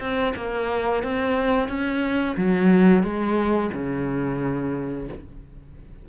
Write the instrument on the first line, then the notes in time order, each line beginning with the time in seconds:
cello
0.00 C4
0.36 A#3
1.03 C4
1.68 C#4
2.37 F#3
3.03 G#3
3.74 C#3